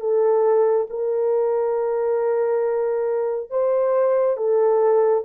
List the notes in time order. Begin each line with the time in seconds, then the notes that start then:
0.00 A4
0.90 A#4
3.50 C5
4.37 A4